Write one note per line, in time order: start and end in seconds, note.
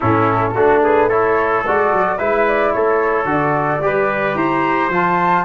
0.00 0.55 A2
0.00 0.55 C#4
0.00 0.52 E4
0.00 0.82 A4
0.54 1.64 A3
0.54 1.10 D4
0.54 0.81 F#4
0.83 1.08 G#4
0.83 1.09 B4
1.08 1.65 E4
1.08 2.17 A4
1.08 1.64 C#5
1.66 1.92 G#3
1.66 2.18 F#4
1.66 2.18 D5
1.92 2.19 F#3
2.17 2.74 G#3
2.17 3.25 E4
2.17 2.72 B4
2.17 2.45 E5
2.47 2.73 D5
2.73 3.25 A3
2.73 3.84 A4
2.73 3.27 C#5
3.25 3.79 D3
3.25 3.80 F#4
3.25 4.35 D5
3.80 4.34 G3
3.80 4.90 G4
3.80 4.37 B4
4.34 4.89 E4
4.34 5.45 C5
4.34 4.89 A#5
4.89 5.43 F3
4.89 5.45 F4
4.89 5.45 A5